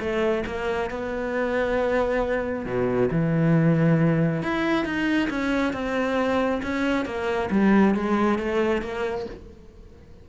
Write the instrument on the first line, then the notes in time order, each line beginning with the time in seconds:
cello
0.00 A3
0.47 A#3
0.91 B3
2.66 B2
3.11 E3
4.43 E4
4.85 D#4
5.30 C#4
5.73 C4
6.63 C#4
7.06 A#3
7.51 G3
7.95 G#3
8.39 A3
8.82 A#3